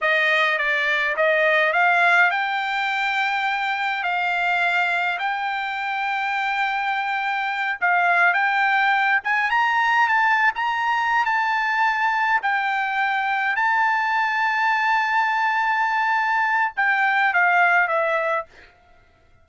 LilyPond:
\new Staff \with { instrumentName = "trumpet" } { \time 4/4 \tempo 4 = 104 dis''4 d''4 dis''4 f''4 | g''2. f''4~ | f''4 g''2.~ | g''4. f''4 g''4. |
gis''8 ais''4 a''8. ais''4~ ais''16 a''8~ | a''4. g''2 a''8~ | a''1~ | a''4 g''4 f''4 e''4 | }